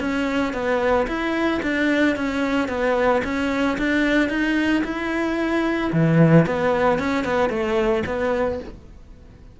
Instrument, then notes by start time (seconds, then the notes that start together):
cello
0.00 C#4
0.54 B3
1.07 E4
1.62 D4
2.16 C#4
2.69 B3
3.24 C#4
3.78 D4
4.29 D#4
4.84 E4
5.93 E3
6.46 B3
6.99 C#4
7.25 B3
7.50 A3
8.06 B3